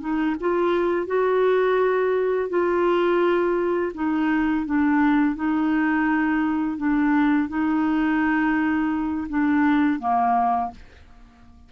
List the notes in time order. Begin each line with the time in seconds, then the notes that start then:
0.00 D#4
0.40 F4
1.06 F#4
2.49 F4
3.94 D#4
4.65 D4
5.35 D#4
6.77 D4
7.48 D#4
9.29 D4
9.99 A#3